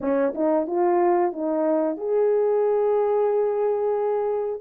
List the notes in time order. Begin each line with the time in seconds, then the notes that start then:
0.00 C#4
0.34 D#4
0.66 F4
1.32 D#4
1.97 G#4